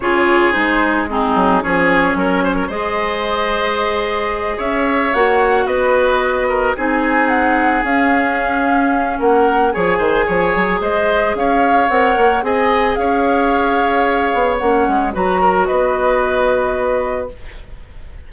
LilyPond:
<<
  \new Staff \with { instrumentName = "flute" } { \time 4/4 \tempo 4 = 111 cis''4 c''4 gis'4 cis''4~ | cis''4 dis''2.~ | dis''8 e''4 fis''4 dis''4.~ | dis''8 gis''4 fis''4 f''4.~ |
f''4 fis''4 gis''2 | dis''4 f''4 fis''4 gis''4 | f''2. fis''4 | ais''4 dis''2. | }
  \new Staff \with { instrumentName = "oboe" } { \time 4/4 gis'2 dis'4 gis'4 | ais'8 c''16 ais'16 c''2.~ | c''8 cis''2 b'4. | ais'8 gis'2.~ gis'8~ |
gis'4 ais'4 cis''8 c''8 cis''4 | c''4 cis''2 dis''4 | cis''1 | b'8 ais'8 b'2. | }
  \new Staff \with { instrumentName = "clarinet" } { \time 4/4 f'4 dis'4 c'4 cis'4~ | cis'4 gis'2.~ | gis'4. fis'2~ fis'8~ | fis'8 dis'2 cis'4.~ |
cis'2 gis'2~ | gis'2 ais'4 gis'4~ | gis'2. cis'4 | fis'1 | }
  \new Staff \with { instrumentName = "bassoon" } { \time 4/4 cis4 gis4. fis8 f4 | fis4 gis2.~ | gis8 cis'4 ais4 b4.~ | b8 c'2 cis'4.~ |
cis'4 ais4 f8 dis8 f8 fis8 | gis4 cis'4 c'8 ais8 c'4 | cis'2~ cis'8 b8 ais8 gis8 | fis4 b2. | }
>>